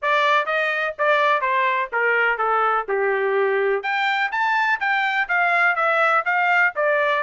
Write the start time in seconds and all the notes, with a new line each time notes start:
0.01 D5
0.46 D#5
0.98 D5
1.41 C5
1.92 A#4
2.37 A4
2.88 G4
3.82 G5
4.31 A5
4.80 G5
5.28 F5
5.75 E5
6.25 F5
6.75 D5